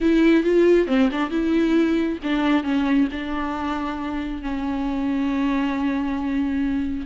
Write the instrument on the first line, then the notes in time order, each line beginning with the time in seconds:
viola
0.00 E4
0.43 F4
0.87 C4
1.11 D4
1.30 E4
2.23 D4
2.63 C#4
3.11 D4
4.41 C#4